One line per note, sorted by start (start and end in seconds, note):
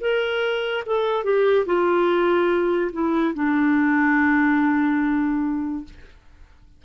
0.00 0.83 A#4
0.86 1.24 A4
1.24 1.66 G4
1.66 2.91 F4
2.92 3.34 E4
3.34 5.84 D4